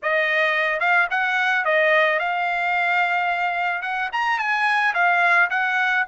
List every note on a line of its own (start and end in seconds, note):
0.02 0.80 D#5
0.80 1.07 F5
1.10 1.64 F#5
1.64 2.19 D#5
2.19 3.82 F5
3.82 4.09 F#5
4.12 4.38 A#5
4.38 4.93 G#5
4.94 5.49 F5
5.50 6.05 F#5